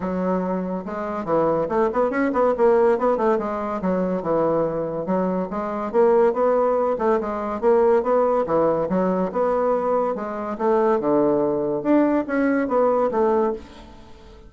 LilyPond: \new Staff \with { instrumentName = "bassoon" } { \time 4/4 \tempo 4 = 142 fis2 gis4 e4 | a8 b8 cis'8 b8 ais4 b8 a8 | gis4 fis4 e2 | fis4 gis4 ais4 b4~ |
b8 a8 gis4 ais4 b4 | e4 fis4 b2 | gis4 a4 d2 | d'4 cis'4 b4 a4 | }